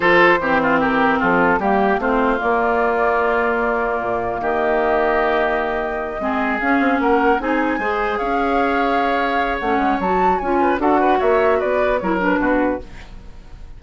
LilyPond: <<
  \new Staff \with { instrumentName = "flute" } { \time 4/4 \tempo 4 = 150 c''2 ais'4 a'4 | g'4 c''4 d''2~ | d''2. dis''4~ | dis''1~ |
dis''8 f''4 fis''4 gis''4.~ | gis''8 f''2.~ f''8 | fis''4 a''4 gis''4 fis''4 | e''4 d''4 cis''8 b'4. | }
  \new Staff \with { instrumentName = "oboe" } { \time 4/4 a'4 g'8 f'8 g'4 f'4 | g'4 f'2.~ | f'2. g'4~ | g'2.~ g'8 gis'8~ |
gis'4. ais'4 gis'4 c''8~ | c''8 cis''2.~ cis''8~ | cis''2~ cis''8 b'8 a'8 b'8 | cis''4 b'4 ais'4 fis'4 | }
  \new Staff \with { instrumentName = "clarinet" } { \time 4/4 f'4 c'2. | ais4 c'4 ais2~ | ais1~ | ais2.~ ais8 c'8~ |
c'8 cis'2 dis'4 gis'8~ | gis'1 | cis'4 fis'4 f'4 fis'4~ | fis'2 e'8 d'4. | }
  \new Staff \with { instrumentName = "bassoon" } { \time 4/4 f4 e2 f4 | g4 a4 ais2~ | ais2 ais,4 dis4~ | dis2.~ dis8 gis8~ |
gis8 cis'8 c'8 ais4 c'4 gis8~ | gis8 cis'2.~ cis'8 | a8 gis8 fis4 cis'4 d'4 | ais4 b4 fis4 b,4 | }
>>